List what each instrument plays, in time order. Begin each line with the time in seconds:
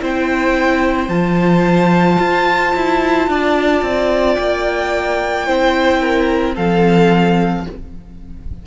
0.00 cello C4, viola E4, violin C5 G5
1.08 cello F3, viola F4, violin A5
2.20 cello F4
2.75 cello E4
3.28 cello D4, violin D5
3.82 cello C4
4.35 cello A#3, violin G5
5.46 cello C4, viola E4, violin C5
6.01 violin A#4
6.55 cello F3, viola C4, violin A4 F5